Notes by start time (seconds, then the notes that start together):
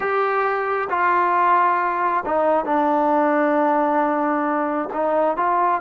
0.00 G4
0.89 F4
2.26 D#4
2.65 D4
4.93 D#4
5.36 F4